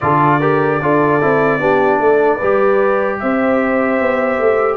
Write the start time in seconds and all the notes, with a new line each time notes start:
0.00 D3 F4 A4 D5
0.40 G4 A#4
0.81 D4 F4 A4
1.21 C4 E4
1.59 B3 D4 G4
1.98 A3 A4
2.37 G3 G4 B4
3.19 C4 C5 E5
4.00 B3
4.38 A3